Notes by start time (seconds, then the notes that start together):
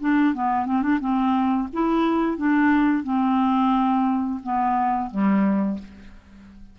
0.00 D4
0.34 B3
0.66 C4
0.82 D4
1.00 C4
1.73 E4
2.37 D4
3.03 C4
4.43 B3
5.10 G3